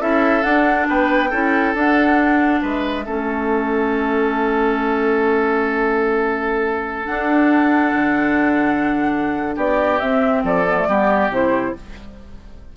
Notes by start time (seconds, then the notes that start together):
0.00 C#4 E4 A4 E5
0.43 D4 F#5
0.89 B3 B4 G5
1.30 C#4 E4 A4
1.74 D4 F#5
2.62 G#3 B4 E5
3.06 A3 C#4 A4
7.06 D4 F#5
7.93 D3
9.55 B3 G4 D5
10.00 C4 E5
10.44 F3 A4 D5
10.68 B3
10.78 A3
10.88 G3 B3 G4
11.29 C3 E4 C5